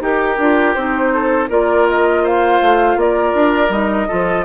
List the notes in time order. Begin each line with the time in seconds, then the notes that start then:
0.00 D#4 G4 A#4
0.38 D4 F4
0.74 C4 D#4 C5
1.14 A4
1.49 A#3 F4 A#4 D5
1.89 D#5
2.23 C5 F5
2.62 A3
2.96 A#3 A#4 D5
3.34 D4
3.69 G3 D#4 D#5
4.08 F3 F4 A4